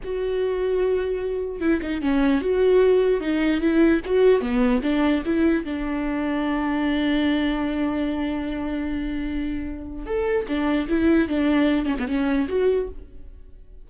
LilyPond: \new Staff \with { instrumentName = "viola" } { \time 4/4 \tempo 4 = 149 fis'1 | e'8 dis'8 cis'4 fis'2 | dis'4 e'4 fis'4 b4 | d'4 e'4 d'2~ |
d'1~ | d'1~ | d'4 a'4 d'4 e'4 | d'4. cis'16 b16 cis'4 fis'4 | }